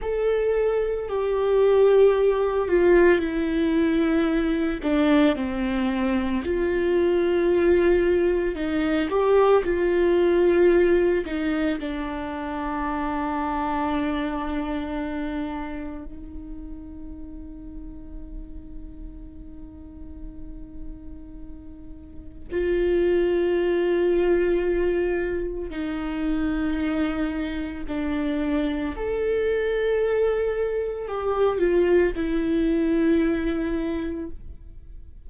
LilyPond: \new Staff \with { instrumentName = "viola" } { \time 4/4 \tempo 4 = 56 a'4 g'4. f'8 e'4~ | e'8 d'8 c'4 f'2 | dis'8 g'8 f'4. dis'8 d'4~ | d'2. dis'4~ |
dis'1~ | dis'4 f'2. | dis'2 d'4 a'4~ | a'4 g'8 f'8 e'2 | }